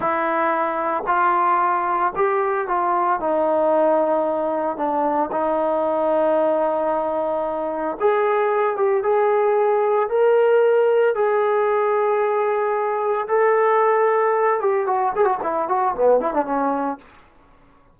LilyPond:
\new Staff \with { instrumentName = "trombone" } { \time 4/4 \tempo 4 = 113 e'2 f'2 | g'4 f'4 dis'2~ | dis'4 d'4 dis'2~ | dis'2. gis'4~ |
gis'8 g'8 gis'2 ais'4~ | ais'4 gis'2.~ | gis'4 a'2~ a'8 g'8 | fis'8 gis'16 fis'16 e'8 fis'8 b8 e'16 d'16 cis'4 | }